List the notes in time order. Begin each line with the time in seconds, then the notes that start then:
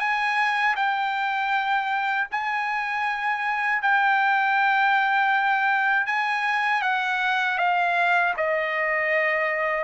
0.00 G#5
0.76 G5
2.32 G#5
3.83 G5
6.07 G#5
6.83 F#5
7.58 F5
8.38 D#5